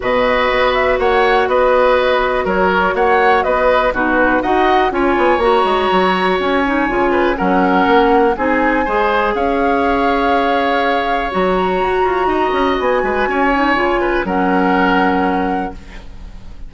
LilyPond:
<<
  \new Staff \with { instrumentName = "flute" } { \time 4/4 \tempo 4 = 122 dis''4. e''8 fis''4 dis''4~ | dis''4 cis''4 fis''4 dis''4 | b'4 fis''4 gis''4 ais''4~ | ais''4 gis''2 fis''4~ |
fis''4 gis''2 f''4~ | f''2. ais''4~ | ais''2 gis''2~ | gis''4 fis''2. | }
  \new Staff \with { instrumentName = "oboe" } { \time 4/4 b'2 cis''4 b'4~ | b'4 ais'4 cis''4 b'4 | fis'4 dis''4 cis''2~ | cis''2~ cis''8 b'8 ais'4~ |
ais'4 gis'4 c''4 cis''4~ | cis''1~ | cis''4 dis''4. b'8 cis''4~ | cis''8 b'8 ais'2. | }
  \new Staff \with { instrumentName = "clarinet" } { \time 4/4 fis'1~ | fis'1 | dis'4 fis'4 f'4 fis'4~ | fis'4. dis'8 f'4 cis'4~ |
cis'4 dis'4 gis'2~ | gis'2. fis'4~ | fis'2.~ fis'8 dis'8 | f'4 cis'2. | }
  \new Staff \with { instrumentName = "bassoon" } { \time 4/4 b,4 b4 ais4 b4~ | b4 fis4 ais4 b4 | b,4 dis'4 cis'8 b8 ais8 gis8 | fis4 cis'4 cis4 fis4 |
ais4 c'4 gis4 cis'4~ | cis'2. fis4 | fis'8 f'8 dis'8 cis'8 b8 gis8 cis'4 | cis4 fis2. | }
>>